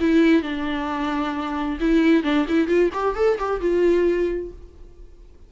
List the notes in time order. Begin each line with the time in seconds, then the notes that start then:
0.00 E4
0.42 D4
1.80 E4
2.23 D4
2.48 E4
2.67 F4
2.93 G4
3.15 A4
3.39 G4
3.61 F4